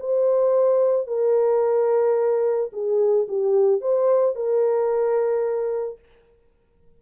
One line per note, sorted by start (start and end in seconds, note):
0.00 1.07 C5
1.07 2.71 A#4
2.73 3.27 G#4
3.29 3.81 G4
3.81 4.36 C5
4.36 5.99 A#4